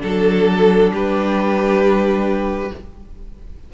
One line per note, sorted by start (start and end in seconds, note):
0.00 0.91 F#3
0.00 2.69 D4
0.00 0.91 A4
0.00 0.93 A4
0.91 2.70 G3
0.91 2.72 G4
0.91 2.73 B4